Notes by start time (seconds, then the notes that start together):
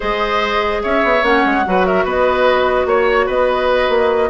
0.00 G#3 G#4 C5 D#5
0.83 C#4 C#5 E5
1.03 B3
1.22 A#3 C#4 F#5
1.45 G#3
1.65 F#3 F#4 B4
1.85 A#4 E5
2.04 B3 B4 D#5
2.85 A#3 C#5
3.26 B3 B4 D#5
3.88 A#3